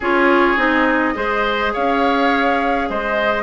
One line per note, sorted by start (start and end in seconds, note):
0.00 0.56 C#4
0.00 0.57 F4
0.00 1.13 G#4
0.00 0.58 C#5
0.56 1.14 C4
0.56 1.14 D#4
0.56 1.73 D#5
1.14 1.73 G#3
1.14 3.43 G#4
1.14 1.73 C5
1.73 2.89 C#4
1.73 2.88 C#5
1.73 2.89 F5
2.89 3.43 G#3
2.89 3.43 C5
2.89 3.43 D#5